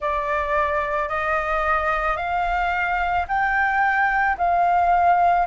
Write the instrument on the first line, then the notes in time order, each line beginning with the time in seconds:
flute
0.00 D5
1.09 D#5
2.16 F5
3.27 G5
4.37 F5